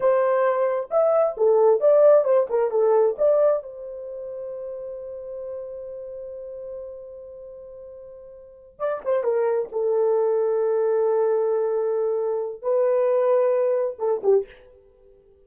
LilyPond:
\new Staff \with { instrumentName = "horn" } { \time 4/4 \tempo 4 = 133 c''2 e''4 a'4 | d''4 c''8 ais'8 a'4 d''4 | c''1~ | c''1~ |
c''2.~ c''8 d''8 | c''8 ais'4 a'2~ a'8~ | a'1 | b'2. a'8 g'8 | }